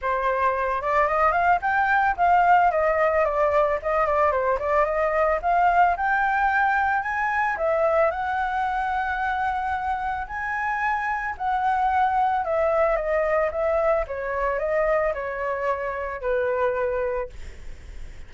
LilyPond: \new Staff \with { instrumentName = "flute" } { \time 4/4 \tempo 4 = 111 c''4. d''8 dis''8 f''8 g''4 | f''4 dis''4 d''4 dis''8 d''8 | c''8 d''8 dis''4 f''4 g''4~ | g''4 gis''4 e''4 fis''4~ |
fis''2. gis''4~ | gis''4 fis''2 e''4 | dis''4 e''4 cis''4 dis''4 | cis''2 b'2 | }